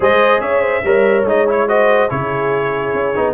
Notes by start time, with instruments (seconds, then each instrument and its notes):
0.00 tuba G#3, trombone G#4, horn C5, trumpet D#5
0.39 tuba C#4, horn C#5, trumpet E5
0.60 horn C5
0.84 tuba G3, trombone A#4, horn C#5
1.24 tuba G#3, trombone D#4, trumpet D#5
1.47 trombone E4, trumpet C#5
1.67 trombone F#4, horn C5, trumpet D#5
2.09 tuba C#3, trombone E4, horn G#4, trumpet C#5
2.93 tuba C#4
3.15 tuba B3, trombone D#4